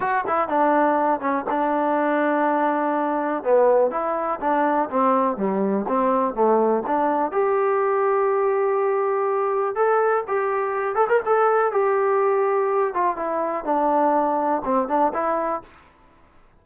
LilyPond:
\new Staff \with { instrumentName = "trombone" } { \time 4/4 \tempo 4 = 123 fis'8 e'8 d'4. cis'8 d'4~ | d'2. b4 | e'4 d'4 c'4 g4 | c'4 a4 d'4 g'4~ |
g'1 | a'4 g'4. a'16 ais'16 a'4 | g'2~ g'8 f'8 e'4 | d'2 c'8 d'8 e'4 | }